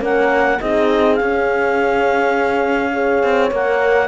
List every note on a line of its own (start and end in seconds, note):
0.00 0.58 A#3
0.00 0.58 C#4
0.00 0.60 A#4
0.00 0.60 F#5
0.60 1.20 C4
0.60 1.19 D#4
0.60 2.92 G#4
0.60 1.14 D#5
1.14 2.92 C#4
1.14 3.22 C#4
1.14 3.47 F5
2.92 3.50 G#4
2.92 4.07 C#5
3.22 3.51 C4
3.51 4.07 A#3
3.51 4.07 A#4
3.51 4.07 F#5